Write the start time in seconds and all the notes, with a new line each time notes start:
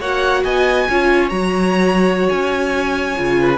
0.00 A#3 F#4 C#5 F#5
0.44 B3 D#5 G#5
0.89 C#4 F4 C#5
1.30 F#3 F#4 A#5
2.29 C#4 G#5
3.17 C#3 F4
3.41 B4